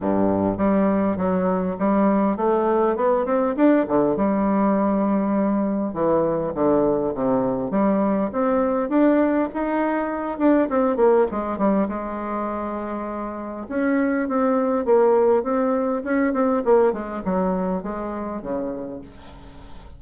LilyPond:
\new Staff \with { instrumentName = "bassoon" } { \time 4/4 \tempo 4 = 101 g,4 g4 fis4 g4 | a4 b8 c'8 d'8 d8 g4~ | g2 e4 d4 | c4 g4 c'4 d'4 |
dis'4. d'8 c'8 ais8 gis8 g8 | gis2. cis'4 | c'4 ais4 c'4 cis'8 c'8 | ais8 gis8 fis4 gis4 cis4 | }